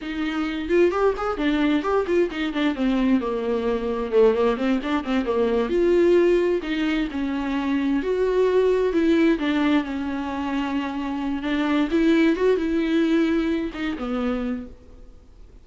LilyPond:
\new Staff \with { instrumentName = "viola" } { \time 4/4 \tempo 4 = 131 dis'4. f'8 g'8 gis'8 d'4 | g'8 f'8 dis'8 d'8 c'4 ais4~ | ais4 a8 ais8 c'8 d'8 c'8 ais8~ | ais8 f'2 dis'4 cis'8~ |
cis'4. fis'2 e'8~ | e'8 d'4 cis'2~ cis'8~ | cis'4 d'4 e'4 fis'8 e'8~ | e'2 dis'8 b4. | }